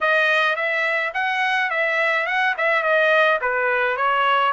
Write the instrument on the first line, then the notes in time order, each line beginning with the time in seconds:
trumpet
0.01 D#5
0.56 E5
1.14 F#5
1.70 E5
2.26 F#5
2.57 E5
2.82 D#5
3.41 B4
3.96 C#5